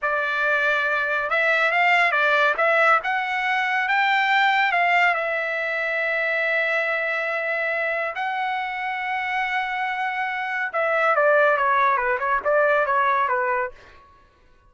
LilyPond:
\new Staff \with { instrumentName = "trumpet" } { \time 4/4 \tempo 4 = 140 d''2. e''4 | f''4 d''4 e''4 fis''4~ | fis''4 g''2 f''4 | e''1~ |
e''2. fis''4~ | fis''1~ | fis''4 e''4 d''4 cis''4 | b'8 cis''8 d''4 cis''4 b'4 | }